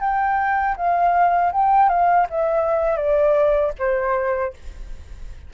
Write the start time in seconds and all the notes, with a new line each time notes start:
0.00 G5
0.76 F5
1.52 G5
1.89 F5
2.30 E5
2.97 D5
3.78 C5